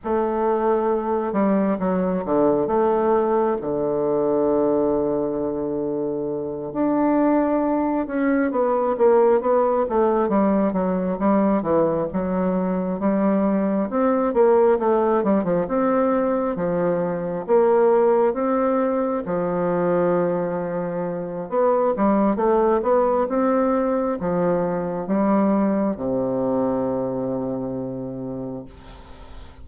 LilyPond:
\new Staff \with { instrumentName = "bassoon" } { \time 4/4 \tempo 4 = 67 a4. g8 fis8 d8 a4 | d2.~ d8 d'8~ | d'4 cis'8 b8 ais8 b8 a8 g8 | fis8 g8 e8 fis4 g4 c'8 |
ais8 a8 g16 f16 c'4 f4 ais8~ | ais8 c'4 f2~ f8 | b8 g8 a8 b8 c'4 f4 | g4 c2. | }